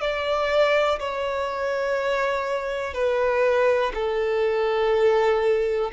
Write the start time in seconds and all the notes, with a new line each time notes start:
0.00 D5
0.99 C#5
2.93 B4
3.93 A4